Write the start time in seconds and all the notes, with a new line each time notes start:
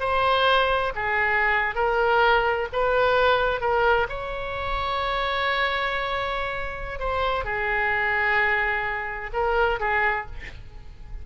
0.00 C5
0.96 G#4
1.75 A#4
2.73 B4
3.61 A#4
4.09 C#5
6.99 C5
7.44 G#4
9.33 A#4
9.80 G#4